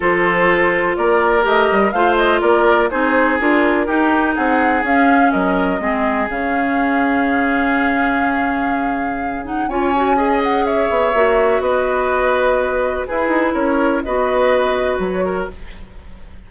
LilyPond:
<<
  \new Staff \with { instrumentName = "flute" } { \time 4/4 \tempo 4 = 124 c''2 d''4 dis''4 | f''8 dis''8 d''4 c''4 ais'4~ | ais'4 fis''4 f''4 dis''4~ | dis''4 f''2.~ |
f''2.~ f''8 fis''8 | gis''4. fis''8 e''2 | dis''2. b'4 | cis''4 dis''2 cis''4 | }
  \new Staff \with { instrumentName = "oboe" } { \time 4/4 a'2 ais'2 | c''4 ais'4 gis'2 | g'4 gis'2 ais'4 | gis'1~ |
gis'1 | cis''4 dis''4 cis''2 | b'2. gis'4 | ais'4 b'2~ b'8 ais'8 | }
  \new Staff \with { instrumentName = "clarinet" } { \time 4/4 f'2. g'4 | f'2 dis'4 f'4 | dis'2 cis'2 | c'4 cis'2.~ |
cis'2.~ cis'8 dis'8 | f'8 fis'8 gis'2 fis'4~ | fis'2. e'4~ | e'4 fis'2. | }
  \new Staff \with { instrumentName = "bassoon" } { \time 4/4 f2 ais4 a8 g8 | a4 ais4 c'4 d'4 | dis'4 c'4 cis'4 fis4 | gis4 cis2.~ |
cis1 | cis'2~ cis'8 b8 ais4 | b2. e'8 dis'8 | cis'4 b2 fis4 | }
>>